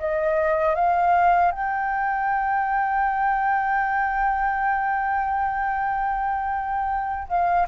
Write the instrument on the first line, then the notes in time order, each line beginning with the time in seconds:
flute
0.00 D#5
0.76 F5
1.52 G5
7.29 F5